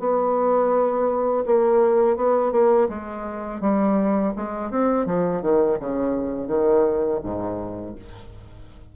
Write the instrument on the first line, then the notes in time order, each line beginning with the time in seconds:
bassoon
0.00 B3
1.46 A#3
2.17 B3
2.52 A#3
2.89 G#3
3.61 G3
4.37 G#3
4.71 C4
5.06 F3
5.42 D#3
5.80 C#3
6.48 D#3
7.24 G#2